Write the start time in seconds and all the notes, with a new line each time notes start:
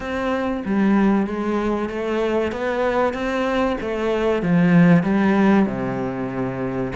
0.00 C4
0.65 G3
1.27 G#3
1.89 A3
2.52 B3
3.13 C4
3.80 A3
4.42 F3
5.03 G3
5.66 C3